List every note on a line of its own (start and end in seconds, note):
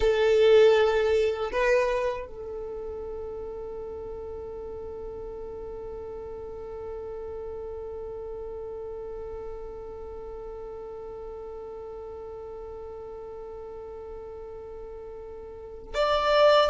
0.00 1.51 A4
1.52 2.27 B4
2.27 15.94 A4
15.94 16.70 D5